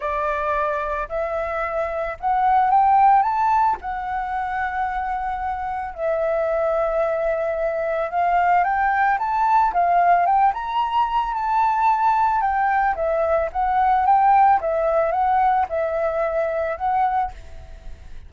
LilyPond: \new Staff \with { instrumentName = "flute" } { \time 4/4 \tempo 4 = 111 d''2 e''2 | fis''4 g''4 a''4 fis''4~ | fis''2. e''4~ | e''2. f''4 |
g''4 a''4 f''4 g''8 ais''8~ | ais''4 a''2 g''4 | e''4 fis''4 g''4 e''4 | fis''4 e''2 fis''4 | }